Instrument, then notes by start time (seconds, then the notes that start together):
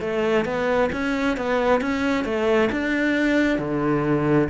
cello
0.00 A3
0.44 B3
0.92 C#4
1.36 B3
1.81 C#4
2.24 A3
2.72 D4
3.58 D3